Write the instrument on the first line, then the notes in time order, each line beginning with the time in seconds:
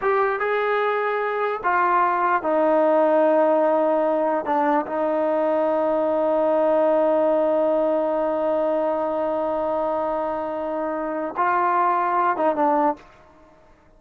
trombone
0.01 G4
0.39 G#4
1.63 F4
2.42 D#4
4.45 D4
4.86 D#4
11.36 F4
12.36 D#4
12.55 D4